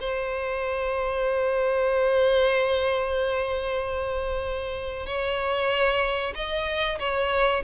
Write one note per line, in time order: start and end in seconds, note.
0.00 5.06 C5
5.06 6.33 C#5
6.35 6.98 D#5
6.99 7.63 C#5